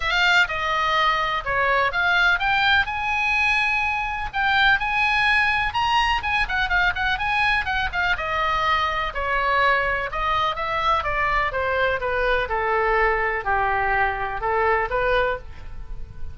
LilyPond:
\new Staff \with { instrumentName = "oboe" } { \time 4/4 \tempo 4 = 125 f''4 dis''2 cis''4 | f''4 g''4 gis''2~ | gis''4 g''4 gis''2 | ais''4 gis''8 fis''8 f''8 fis''8 gis''4 |
fis''8 f''8 dis''2 cis''4~ | cis''4 dis''4 e''4 d''4 | c''4 b'4 a'2 | g'2 a'4 b'4 | }